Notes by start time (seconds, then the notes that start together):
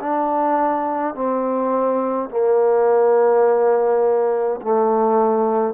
0.00 D4
1.14 C4
2.30 A#3
4.62 A3